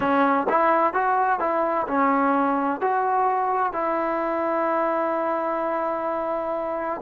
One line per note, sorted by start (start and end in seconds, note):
0.00 0.47 C#4
0.49 0.93 E4
0.93 1.39 F#4
1.39 1.86 E4
1.87 2.81 C#4
2.81 3.73 F#4
3.73 7.01 E4